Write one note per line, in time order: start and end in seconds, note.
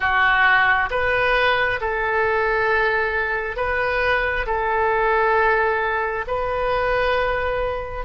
0.00 0.89 F#4
0.90 1.80 B4
1.80 3.56 A4
3.56 4.45 B4
4.46 6.25 A4
6.27 8.05 B4